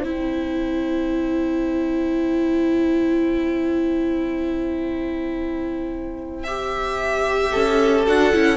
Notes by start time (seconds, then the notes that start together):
0.00 C4 E4 C5 G5
6.44 G4 E5
7.52 C#4 A4
8.07 D4 F#4 F#5
8.33 C#4 E4